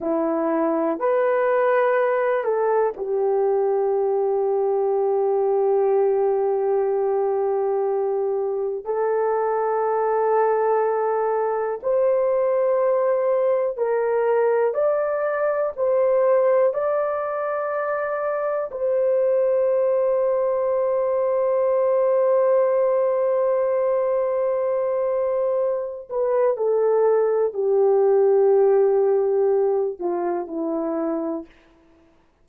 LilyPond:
\new Staff \with { instrumentName = "horn" } { \time 4/4 \tempo 4 = 61 e'4 b'4. a'8 g'4~ | g'1~ | g'4 a'2. | c''2 ais'4 d''4 |
c''4 d''2 c''4~ | c''1~ | c''2~ c''8 b'8 a'4 | g'2~ g'8 f'8 e'4 | }